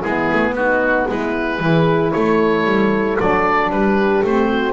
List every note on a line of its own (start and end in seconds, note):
0.00 0.31 G#3
0.00 1.59 B3
0.00 0.53 E4
0.00 0.55 G#4
0.32 0.53 A3
0.53 1.06 B3
0.53 1.08 D#4
0.53 1.08 F#4
1.08 1.60 G#3
1.08 1.61 E4
1.08 2.12 B4
1.59 2.12 E3
1.59 3.17 E4
1.59 2.14 G#4
2.12 2.64 A3
2.12 3.72 A4
2.12 3.18 C#5
2.64 3.17 G3
3.20 3.69 F#3
3.20 4.25 D4
3.20 3.71 D5
3.69 4.22 G3
3.69 4.49 G4
3.69 4.24 B4
4.24 4.73 A3
4.24 4.73 C4
4.24 4.73 C5
4.49 4.73 F#4